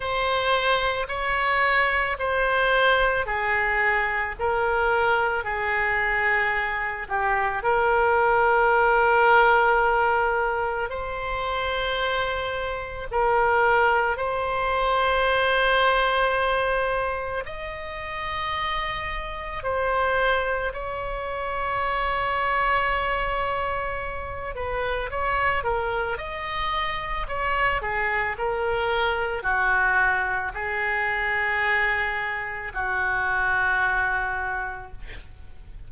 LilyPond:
\new Staff \with { instrumentName = "oboe" } { \time 4/4 \tempo 4 = 55 c''4 cis''4 c''4 gis'4 | ais'4 gis'4. g'8 ais'4~ | ais'2 c''2 | ais'4 c''2. |
dis''2 c''4 cis''4~ | cis''2~ cis''8 b'8 cis''8 ais'8 | dis''4 cis''8 gis'8 ais'4 fis'4 | gis'2 fis'2 | }